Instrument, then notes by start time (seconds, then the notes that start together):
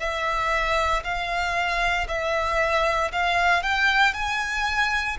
violin
0.00 E5
1.04 F5
2.08 E5
3.12 F5
3.63 G5
4.14 G#5